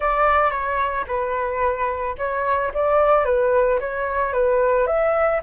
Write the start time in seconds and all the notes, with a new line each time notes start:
0.00 D5
0.50 C#5
1.07 B4
2.17 C#5
2.74 D5
3.25 B4
3.80 C#5
4.32 B4
4.86 E5